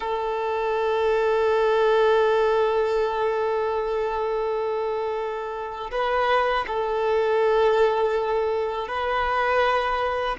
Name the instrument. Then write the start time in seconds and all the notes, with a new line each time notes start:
violin
0.00 A4
5.91 B4
6.67 A4
8.88 B4